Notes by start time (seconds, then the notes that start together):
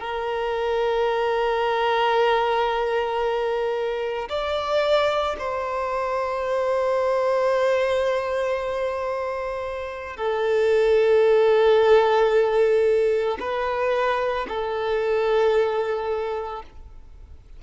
0.00 A#4
4.29 D5
5.38 C5
10.16 A4
13.39 B4
14.48 A4